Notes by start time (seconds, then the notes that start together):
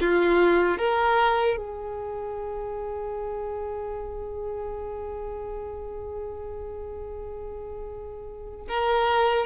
0.00 F4
0.78 A#4
1.56 G#4
8.68 A#4